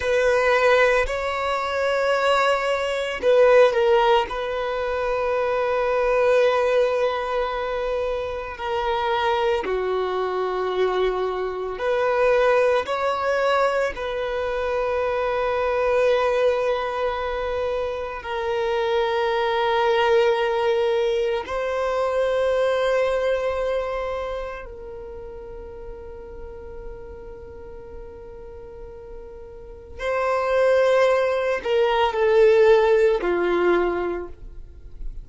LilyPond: \new Staff \with { instrumentName = "violin" } { \time 4/4 \tempo 4 = 56 b'4 cis''2 b'8 ais'8 | b'1 | ais'4 fis'2 b'4 | cis''4 b'2.~ |
b'4 ais'2. | c''2. ais'4~ | ais'1 | c''4. ais'8 a'4 f'4 | }